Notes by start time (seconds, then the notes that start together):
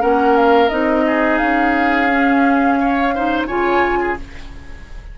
0.00 A#3 C#4 A#4 F#5
0.36 F5
0.69 C4 D#4 D#5
1.06 G#4
1.37 C#4 F5
2.10 C#4
2.80 C#5
3.15 D#4 C5
3.47 C#3 F4 C#5 G#5
4.00 G#4